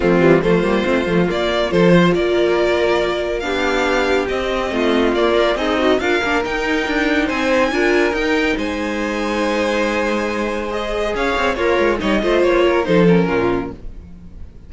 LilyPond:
<<
  \new Staff \with { instrumentName = "violin" } { \time 4/4 \tempo 4 = 140 f'4 c''2 d''4 | c''4 d''2. | f''2 dis''2 | d''4 dis''4 f''4 g''4~ |
g''4 gis''2 g''4 | gis''1~ | gis''4 dis''4 f''4 cis''4 | dis''4 cis''4 c''8 ais'4. | }
  \new Staff \with { instrumentName = "violin" } { \time 4/4 c'4 f'2. | a'8 c''8 ais'2. | g'2. f'4~ | f'4 dis'4 ais'2~ |
ais'4 c''4 ais'2 | c''1~ | c''2 cis''4 f'4 | cis''8 c''4 ais'8 a'4 f'4 | }
  \new Staff \with { instrumentName = "viola" } { \time 4/4 a8 g8 a8 ais8 c'8 a8 ais4 | f'1 | d'2 c'2 | ais8 ais'8 gis'8 fis'8 f'8 d'8 dis'4~ |
dis'2 f'4 dis'4~ | dis'1~ | dis'4 gis'2 ais'4 | dis'8 f'4. dis'8 cis'4. | }
  \new Staff \with { instrumentName = "cello" } { \time 4/4 f8 e8 f8 g8 a8 f8 ais4 | f4 ais2. | b2 c'4 a4 | ais4 c'4 d'8 ais8 dis'4 |
d'4 c'4 d'4 dis'4 | gis1~ | gis2 cis'8 c'8 ais8 gis8 | g8 a8 ais4 f4 ais,4 | }
>>